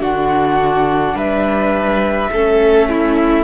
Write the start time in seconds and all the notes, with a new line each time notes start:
0.00 D3 D4 F#4 F#5
1.14 G3 B4 E5
2.31 A3 C#4 A4
2.89 E4